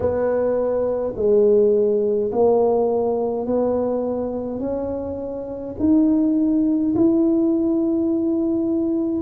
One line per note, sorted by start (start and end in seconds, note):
0.00 1.14 B3
1.15 2.31 G#3
2.32 3.46 A#3
3.46 4.59 B3
4.59 5.75 C#4
5.78 6.94 D#4
6.95 9.21 E4